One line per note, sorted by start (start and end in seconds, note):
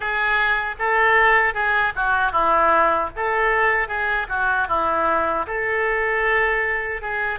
0.00 0.75 G#4
0.78 1.54 A4
1.54 1.93 G#4
1.95 2.32 F#4
2.32 3.10 E4
3.16 3.87 A4
3.87 4.26 G#4
4.29 4.68 F#4
4.68 5.45 E4
5.47 7.01 A4
7.01 7.38 G#4